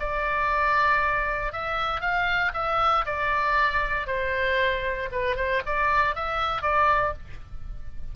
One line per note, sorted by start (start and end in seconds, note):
0.00 1.53 D5
1.53 2.01 E5
2.01 2.52 F5
2.54 3.05 E5
3.06 4.07 D5
4.07 5.09 C5
5.12 5.36 B4
5.36 5.62 C5
5.66 6.15 D5
6.15 6.62 E5
6.62 7.14 D5